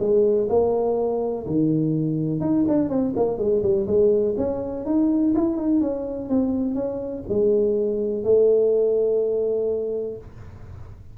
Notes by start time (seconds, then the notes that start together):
0.00 G#3
0.50 A#3
1.47 D#3
2.41 D#4
2.69 D4
2.90 C4
3.16 A#3
3.38 G#3
3.63 G3
3.87 G#3
4.38 C#4
4.86 D#4
5.35 E4
5.57 D#4
5.81 C#4
6.29 C4
6.75 C#4
7.29 G#3
8.24 A3